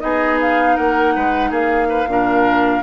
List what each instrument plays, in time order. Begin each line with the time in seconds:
0.00 bassoon B3, clarinet D#4, oboe G#4, flute D#5
0.41 flute F5
0.76 bassoon A#3, oboe A#4, flute F#5
1.16 bassoon G#3, oboe B4
1.51 bassoon A#3, oboe G#4, flute F5
1.90 oboe B4
2.07 bassoon A#2, clarinet D4, oboe A#4